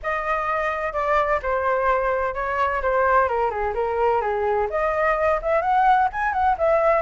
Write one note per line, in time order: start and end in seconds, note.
0.02 0.93 D#5
0.93 1.39 D5
1.42 2.34 C5
2.34 2.81 C#5
2.81 3.28 C5
3.28 3.50 A#4
3.50 3.73 G#4
3.74 4.21 A#4
4.21 4.67 G#4
4.70 5.40 D#5
5.42 5.61 E5
5.61 6.08 F#5
6.12 6.33 G#5
6.33 6.56 F#5
6.58 7.02 E5